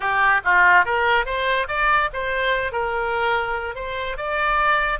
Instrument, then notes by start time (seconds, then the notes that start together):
oboe
0.00 G4
0.44 F4
0.85 A#4
1.25 C5
1.67 D5
2.13 C5
2.72 A#4
3.75 C5
4.17 D5